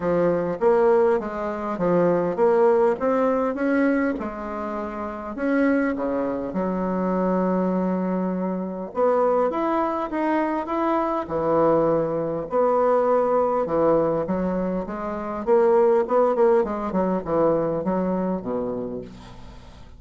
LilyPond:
\new Staff \with { instrumentName = "bassoon" } { \time 4/4 \tempo 4 = 101 f4 ais4 gis4 f4 | ais4 c'4 cis'4 gis4~ | gis4 cis'4 cis4 fis4~ | fis2. b4 |
e'4 dis'4 e'4 e4~ | e4 b2 e4 | fis4 gis4 ais4 b8 ais8 | gis8 fis8 e4 fis4 b,4 | }